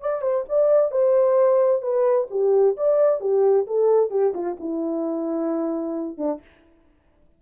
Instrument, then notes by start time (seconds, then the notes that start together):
horn
0.00 D5
0.21 C5
0.49 D5
0.91 C5
1.81 B4
2.30 G4
2.76 D5
3.20 G4
3.66 A4
4.10 G4
4.33 F4
4.59 E4
6.17 D4